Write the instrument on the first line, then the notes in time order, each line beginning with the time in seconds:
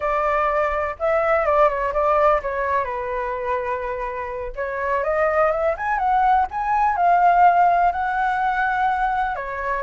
flute
0.00 D5
0.99 E5
1.45 D5
1.68 C#5
1.93 D5
2.42 C#5
2.84 B4
4.55 C#5
5.03 D#5
5.51 E5
5.77 G#5
5.98 F#5
6.50 G#5
6.96 F5
7.92 F#5
9.35 C#5